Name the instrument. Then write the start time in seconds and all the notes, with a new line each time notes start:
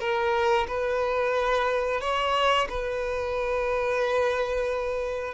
violin
0.00 A#4
0.68 B4
2.01 C#5
2.69 B4